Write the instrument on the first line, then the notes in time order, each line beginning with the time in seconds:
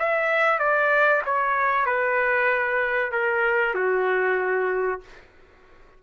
trumpet
0.00 E5
0.60 D5
1.26 C#5
1.86 B4
3.12 A#4
3.75 F#4